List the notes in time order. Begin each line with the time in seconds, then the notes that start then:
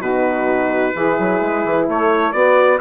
0.00 B2 D#4 F#4 B4
0.95 E3 E4 G#4
1.19 F#3
1.41 G#3
1.65 E3
1.89 A3 A4 C#5
2.33 B3 F#4 B4 D5